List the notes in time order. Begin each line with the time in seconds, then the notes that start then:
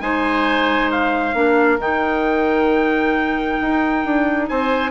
0.00 G#3 D#4 C5 G#5
0.91 F5
1.33 A#3 D4 A#4
1.78 D#3 D#4 G5
3.60 D#4
4.04 D4
4.48 C4 C5 G#5